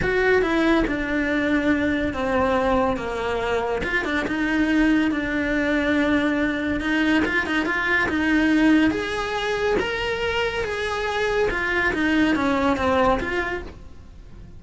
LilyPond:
\new Staff \with { instrumentName = "cello" } { \time 4/4 \tempo 4 = 141 fis'4 e'4 d'2~ | d'4 c'2 ais4~ | ais4 f'8 d'8 dis'2 | d'1 |
dis'4 f'8 dis'8 f'4 dis'4~ | dis'4 gis'2 ais'4~ | ais'4 gis'2 f'4 | dis'4 cis'4 c'4 f'4 | }